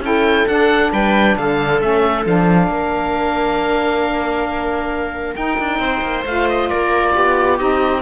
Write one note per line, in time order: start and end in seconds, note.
0.00 0.44 C#4
0.00 0.47 E4
0.00 0.92 A4
0.00 0.47 G5
0.47 0.92 D4
0.47 1.80 D4
0.47 0.92 F#5
0.92 1.37 G3
0.92 1.36 B4
0.92 1.37 G5
1.37 1.81 D3
1.37 2.72 A4
1.37 1.80 F5
1.80 2.25 A3
1.80 2.23 C#4
1.80 2.25 E5
2.23 2.68 F3
2.23 5.35 D4
2.23 5.35 F5
2.68 5.34 A#3
2.68 5.82 A#4
5.35 6.23 D#4
5.35 5.59 D#4
5.35 6.24 G5
5.59 5.79 D4
5.79 6.01 C4
5.79 6.70 C5
6.02 6.24 A#3
6.26 6.70 A3
6.26 7.58 F4
6.26 6.48 F5
6.49 6.69 D#5
6.69 7.16 A#3
6.69 7.14 A#4
6.69 7.58 D5
7.15 7.60 B3
7.15 8.02 G4
7.58 8.02 C4
7.58 8.02 D#4
7.58 8.02 D#5